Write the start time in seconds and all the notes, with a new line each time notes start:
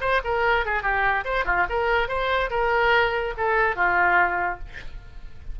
0.00 C5
0.24 A#4
0.65 G#4
0.82 G4
1.24 C5
1.45 F4
1.69 A#4
2.08 C5
2.50 A#4
3.37 A4
3.75 F4